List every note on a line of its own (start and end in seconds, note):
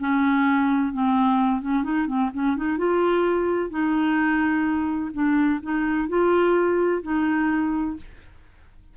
0.00 0.93 C#4
0.93 1.61 C4
1.61 1.84 C#4
1.84 2.07 D#4
2.07 2.30 C4
2.34 2.57 C#4
2.57 2.78 D#4
2.78 3.70 F4
3.70 5.11 D#4
5.13 5.60 D4
5.63 6.09 D#4
6.09 7.02 F4
7.03 7.96 D#4